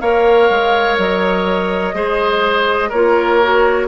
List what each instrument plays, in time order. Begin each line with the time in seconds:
0.00 bassoon A#3, clarinet A#4, oboe C#5, flute F5
0.50 bassoon G#3
0.98 bassoon F#3, flute D#5
1.94 bassoon G#3, clarinet G#4, oboe C5
2.89 bassoon A#3, clarinet F4, oboe A#4, flute C#5
3.42 clarinet F#4